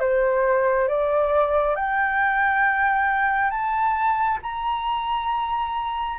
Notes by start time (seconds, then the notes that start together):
0.00 C5
0.88 D5
1.76 G5
3.50 A5
4.42 A#5